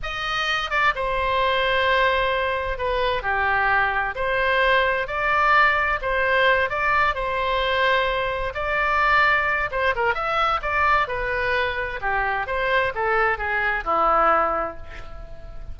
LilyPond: \new Staff \with { instrumentName = "oboe" } { \time 4/4 \tempo 4 = 130 dis''4. d''8 c''2~ | c''2 b'4 g'4~ | g'4 c''2 d''4~ | d''4 c''4. d''4 c''8~ |
c''2~ c''8 d''4.~ | d''4 c''8 ais'8 e''4 d''4 | b'2 g'4 c''4 | a'4 gis'4 e'2 | }